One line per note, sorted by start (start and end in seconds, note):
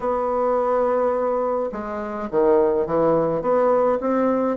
0.00 1.70 B3
1.71 2.29 G#3
2.30 2.86 D#3
2.86 3.41 E3
3.41 3.98 B3
4.00 4.57 C4